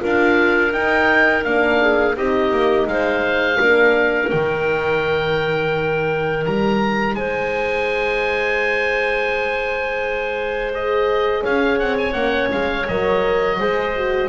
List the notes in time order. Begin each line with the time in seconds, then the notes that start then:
0.00 D4 F4 A#4 F5
0.73 D#4 G5
1.45 A#3 D4 F5
1.81 G#4
2.14 C4 D#4 G4 D#5
2.51 A#3
2.87 G#3 C5 F5
3.59 A#3 D4 A#4
4.29 D#3 D#4 G5
6.46 G3 A#5
7.14 G#3 C5 G#5
10.71 G#4 D#5
11.43 C#4 C#5 F5
11.79 C4 F#5
11.98 G#5
12.13 A#3 C#4 F#5
12.52 G#3 F5
12.88 F#3 A#4 D#5
13.58 G#3 G#4 C5
13.96 F#4